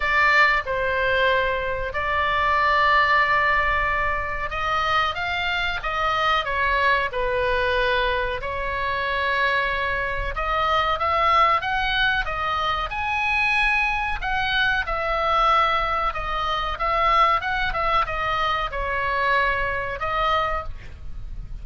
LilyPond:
\new Staff \with { instrumentName = "oboe" } { \time 4/4 \tempo 4 = 93 d''4 c''2 d''4~ | d''2. dis''4 | f''4 dis''4 cis''4 b'4~ | b'4 cis''2. |
dis''4 e''4 fis''4 dis''4 | gis''2 fis''4 e''4~ | e''4 dis''4 e''4 fis''8 e''8 | dis''4 cis''2 dis''4 | }